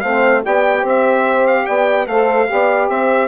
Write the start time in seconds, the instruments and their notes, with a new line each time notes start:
0.00 bassoon A3, saxophone C4, horn C5, trumpet F5
0.43 bassoon B3, saxophone G4, horn D5, trumpet G5
0.81 bassoon C4, horn C5
0.88 trumpet E5
1.47 trumpet F5
1.66 bassoon B3, horn D5, trumpet G5
2.06 bassoon A3, saxophone A4, horn C5, trumpet F5
2.46 bassoon B3, saxophone G4, horn D5
2.89 bassoon C4, horn C5, trumpet E5